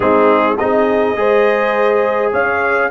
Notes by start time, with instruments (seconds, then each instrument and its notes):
0.00 tuba G#3, trombone C4, horn D#4, trumpet G#4
0.57 tuba C4, trombone D#4, horn G#4, trumpet D#5
1.16 tuba G#3, trombone G#4, horn C5
2.32 tuba C#4, horn C#5, trumpet F5